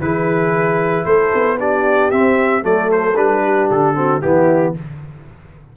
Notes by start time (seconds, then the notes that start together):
0.00 E3 E4 G#4 B4
1.06 A3 A4 C5
1.35 B3
1.58 D4 G4 D5
2.11 C4 E5
2.62 F#3 A3 A4 D5
2.92 C5
3.16 G3 D4 B4
3.44 G4
3.71 D3 A4
3.95 C4 F#4
4.22 E3 B3 E4 G4